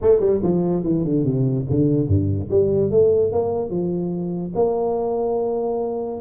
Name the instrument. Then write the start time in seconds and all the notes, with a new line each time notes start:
tuba
0.01 A3
0.20 G3
0.42 F3
0.83 E3
1.04 D3
1.24 C3
1.70 D3
2.07 G2
2.50 G3
2.90 A3
3.32 A#3
3.70 F3
4.55 A#3